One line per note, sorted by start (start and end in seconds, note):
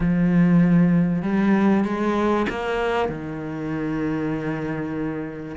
0.00 1.22 F3
1.22 1.84 G3
1.84 2.46 G#3
2.49 3.08 A#3
3.08 5.56 D#3